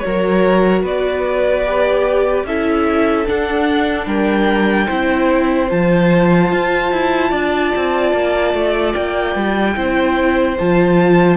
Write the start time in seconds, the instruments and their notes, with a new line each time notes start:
0.00 viola F#4, violin A#4 C#5
0.07 cello F#3
0.83 cello B3, violin B4 D5
1.66 viola G4
2.44 cello C#4, viola E4, violin A4 E5
3.27 viola D4, cello D4, violin F#5
4.06 cello G3, violin A#4 G5
4.87 cello C4, viola E4, violin C5
5.70 cello F3, viola F4, violin A5
6.52 cello F4
6.92 cello E4
7.30 cello D4, violin D5
7.76 cello C4
8.14 cello A#3
8.54 cello A3
8.94 cello A#3, violin G5
9.36 cello G3
9.76 cello C4, viola E4, violin C5
10.59 cello F3, viola F4, violin A5